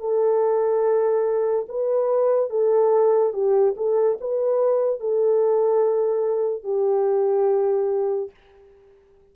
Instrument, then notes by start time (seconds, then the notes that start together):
horn
0.00 A4
1.69 B4
2.50 A4
3.33 G4
3.77 A4
4.21 B4
5.00 A4
6.64 G4